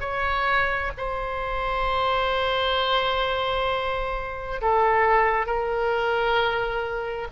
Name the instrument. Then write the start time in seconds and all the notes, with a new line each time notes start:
oboe
0.00 C#5
0.97 C5
4.61 A4
5.46 A#4